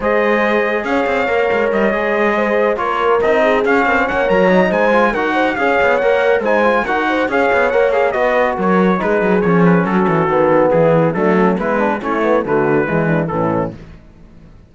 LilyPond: <<
  \new Staff \with { instrumentName = "trumpet" } { \time 4/4 \tempo 4 = 140 dis''2 f''2 | dis''2~ dis''8 cis''4 dis''8~ | dis''8 f''4 fis''8 ais''4 gis''4 | fis''4 f''4 fis''4 gis''4 |
fis''4 f''4 fis''8 f''8 dis''4 | cis''4 b'4 cis''8 b'8 a'4~ | a'4 gis'4 a'4 b'4 | cis''4 b'2 a'4 | }
  \new Staff \with { instrumentName = "horn" } { \time 4/4 c''2 cis''2~ | cis''4. c''4 ais'4. | gis'4 ais'16 c''16 cis''4. c''4 | ais'8 c''8 cis''2 c''4 |
ais'8 c''8 cis''2 b'4 | ais'4 gis'2 fis'4~ | fis'4 e'4 d'8 cis'8 b4 | e'4 fis'4 e'8 d'8 cis'4 | }
  \new Staff \with { instrumentName = "trombone" } { \time 4/4 gis'2. ais'4~ | ais'8 gis'2 f'4 dis'8~ | dis'8 cis'4. ais'8 dis'4 f'8 | fis'4 gis'4 ais'4 dis'8 f'8 |
fis'4 gis'4 ais'8 gis'8 fis'4~ | fis'4 dis'4 cis'2 | b2 a4 e'8 d'8 | cis'8 b8 a4 gis4 e4 | }
  \new Staff \with { instrumentName = "cello" } { \time 4/4 gis2 cis'8 c'8 ais8 gis8 | g8 gis2 ais4 c'8~ | c'8 cis'8 c'8 ais8 fis4 gis4 | dis'4 cis'8 b8 ais4 gis4 |
dis'4 cis'8 b8 ais4 b4 | fis4 gis8 fis8 f4 fis8 e8 | dis4 e4 fis4 gis4 | a4 d4 e4 a,4 | }
>>